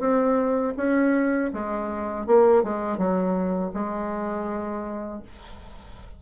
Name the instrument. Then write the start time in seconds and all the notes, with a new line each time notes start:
bassoon
0.00 C4
0.77 C#4
1.54 G#3
2.27 A#3
2.63 G#3
2.98 F#3
3.74 G#3